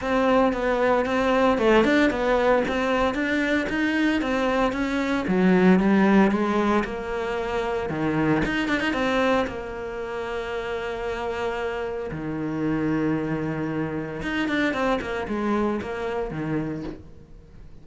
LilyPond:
\new Staff \with { instrumentName = "cello" } { \time 4/4 \tempo 4 = 114 c'4 b4 c'4 a8 d'8 | b4 c'4 d'4 dis'4 | c'4 cis'4 fis4 g4 | gis4 ais2 dis4 |
dis'8 d'16 dis'16 c'4 ais2~ | ais2. dis4~ | dis2. dis'8 d'8 | c'8 ais8 gis4 ais4 dis4 | }